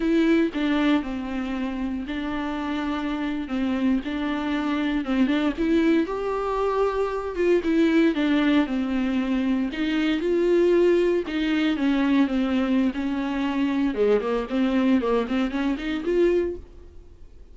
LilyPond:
\new Staff \with { instrumentName = "viola" } { \time 4/4 \tempo 4 = 116 e'4 d'4 c'2 | d'2~ d'8. c'4 d'16~ | d'4.~ d'16 c'8 d'8 e'4 g'16~ | g'2~ g'16 f'8 e'4 d'16~ |
d'8. c'2 dis'4 f'16~ | f'4.~ f'16 dis'4 cis'4 c'16~ | c'4 cis'2 gis8 ais8 | c'4 ais8 c'8 cis'8 dis'8 f'4 | }